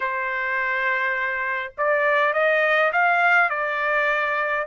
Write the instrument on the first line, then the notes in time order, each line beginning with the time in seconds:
trumpet
0.00 C5
1.77 D5
2.33 D#5
2.92 F5
3.50 D5